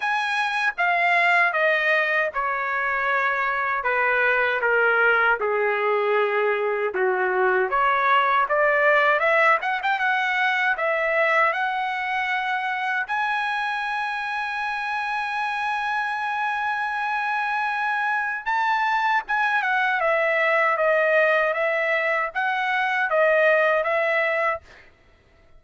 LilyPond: \new Staff \with { instrumentName = "trumpet" } { \time 4/4 \tempo 4 = 78 gis''4 f''4 dis''4 cis''4~ | cis''4 b'4 ais'4 gis'4~ | gis'4 fis'4 cis''4 d''4 | e''8 fis''16 g''16 fis''4 e''4 fis''4~ |
fis''4 gis''2.~ | gis''1 | a''4 gis''8 fis''8 e''4 dis''4 | e''4 fis''4 dis''4 e''4 | }